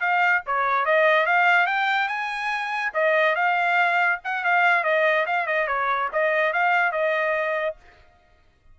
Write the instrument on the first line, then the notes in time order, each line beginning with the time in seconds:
trumpet
0.00 F5
0.46 C#5
0.85 D#5
1.26 F5
1.67 G5
2.08 G#5
2.94 D#5
3.35 F5
4.24 F#5
4.44 F5
4.83 D#5
5.26 F5
5.46 D#5
5.67 C#5
6.12 D#5
6.53 F5
6.92 D#5